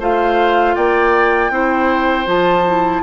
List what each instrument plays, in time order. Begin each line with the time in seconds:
0.00 bassoon A3, clarinet F4, oboe C5, flute F5
0.75 bassoon A#3, oboe D5, flute G5
1.50 bassoon C4, clarinet E4, oboe C5
2.26 bassoon F3, clarinet F4, flute A5
2.67 clarinet E4